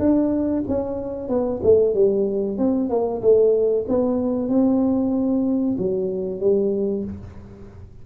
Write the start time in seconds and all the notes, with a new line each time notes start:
0.00 D4
0.68 C#4
1.29 B3
1.64 A3
1.95 G3
2.59 C4
2.90 A#3
3.22 A3
3.88 B3
4.49 C4
5.78 F#3
6.41 G3